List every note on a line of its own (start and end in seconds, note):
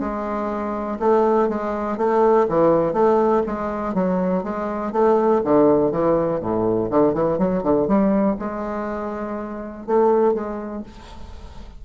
0.00 0.98 G#3
1.00 1.49 A3
1.49 1.98 G#3
1.98 2.47 A3
2.49 2.93 E3
2.93 3.42 A3
3.46 3.94 G#3
3.94 4.43 F#3
4.43 4.92 G#3
4.92 5.42 A3
5.44 5.92 D3
5.92 6.40 E3
6.40 6.89 A2
6.91 7.14 D3
7.14 7.38 E3
7.38 7.63 F#3
7.63 7.87 D3
7.87 8.37 G3
8.39 9.87 G#3
9.87 10.34 A3
10.34 10.83 G#3